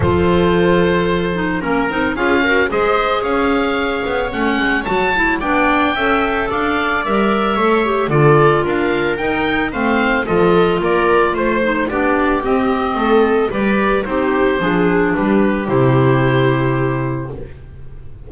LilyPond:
<<
  \new Staff \with { instrumentName = "oboe" } { \time 4/4 \tempo 4 = 111 c''2. ais'4 | f''4 dis''4 f''2 | fis''4 a''4 g''2 | f''4 e''2 d''4 |
f''4 g''4 f''4 dis''4 | d''4 c''4 d''4 dis''4~ | dis''4 d''4 c''2 | b'4 c''2. | }
  \new Staff \with { instrumentName = "viola" } { \time 4/4 a'2. ais'4 | gis'8 ais'8 c''4 cis''2~ | cis''2 d''4 e''4 | d''2 cis''4 a'4 |
ais'2 c''4 a'4 | ais'4 c''4 g'2 | a'4 b'4 g'4 gis'4 | g'1 | }
  \new Staff \with { instrumentName = "clarinet" } { \time 4/4 f'2~ f'8 dis'8 cis'8 dis'8 | f'8 fis'8 gis'2. | cis'4 fis'8 e'8 d'4 a'4~ | a'4 ais'4 a'8 g'8 f'4~ |
f'4 dis'4 c'4 f'4~ | f'4. dis'8 d'4 c'4~ | c'4 g'4 dis'4 d'4~ | d'4 e'2. | }
  \new Staff \with { instrumentName = "double bass" } { \time 4/4 f2. ais8 c'8 | cis'4 gis4 cis'4. b8 | a8 gis8 fis4 b4 cis'4 | d'4 g4 a4 d4 |
d'4 dis'4 a4 f4 | ais4 a4 b4 c'4 | a4 g4 c'4 f4 | g4 c2. | }
>>